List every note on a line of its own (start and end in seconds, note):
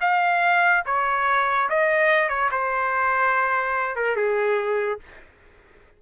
0.00 0.83 F5
0.85 1.69 C#5
1.69 2.29 D#5
2.29 2.50 C#5
2.51 3.95 C5
3.95 4.16 A#4
4.16 4.99 G#4